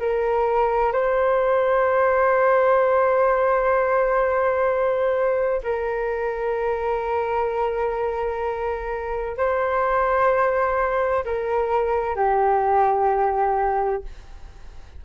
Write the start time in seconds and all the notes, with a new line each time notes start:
0.00 A#4
0.92 C5
5.63 A#4
9.37 C5
11.25 A#4
12.16 G4